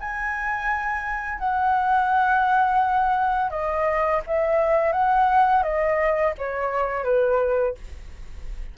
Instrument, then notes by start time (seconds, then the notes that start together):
flute
0.00 G#5
1.39 F#5
3.50 D#5
4.27 E5
4.93 F#5
5.63 D#5
6.38 C#5
7.04 B4